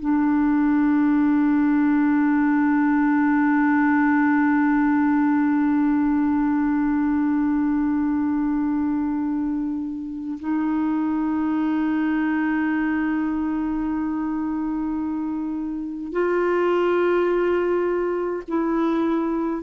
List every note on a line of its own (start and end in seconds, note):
0.00 10.38 D4
10.40 16.12 D#4
16.12 18.43 F4
18.48 19.64 E4